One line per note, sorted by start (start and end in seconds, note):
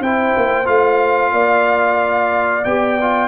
0.00 0.33 C4
0.00 0.65 E4
0.00 1.33 C5
0.00 0.66 G5
0.37 0.67 A#3
0.65 1.32 A3
0.65 2.62 F4
0.65 2.64 F5
1.32 2.63 A#3
1.32 3.28 D5
2.64 3.28 B3
2.64 2.99 G4
2.64 3.28 G5
3.00 3.28 F4